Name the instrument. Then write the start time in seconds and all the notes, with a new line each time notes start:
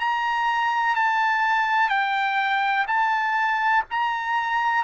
trumpet
0.00 A#5
0.96 A5
1.90 G5
2.88 A5
3.91 A#5